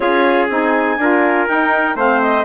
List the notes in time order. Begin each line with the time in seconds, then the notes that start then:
0.00 C#4 F4 G#4 C#5
0.49 C4 D#4 G#5
0.97 D4 F4 A#4
1.47 D#4 G5
1.95 A3 C4 C5 F5
2.21 D#5